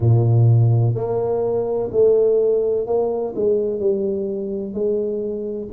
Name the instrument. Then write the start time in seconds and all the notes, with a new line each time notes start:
tuba
0.00 A#2
0.94 A#3
1.91 A3
2.86 A#3
3.35 G#3
3.79 G3
4.73 G#3